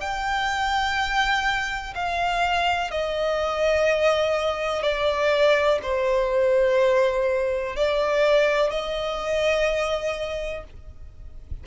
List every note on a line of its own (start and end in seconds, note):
0.00 1.94 G5
1.94 2.91 F5
2.91 4.82 D#5
4.82 5.79 D5
5.82 7.76 C5
7.76 8.70 D5
8.70 10.64 D#5